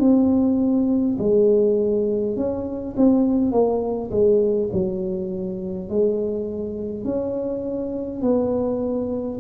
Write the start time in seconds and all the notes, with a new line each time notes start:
0.00 C4
1.19 G#3
2.37 C#4
2.97 C4
3.52 A#3
4.11 G#3
4.73 F#3
5.90 G#3
7.05 C#4
8.22 B3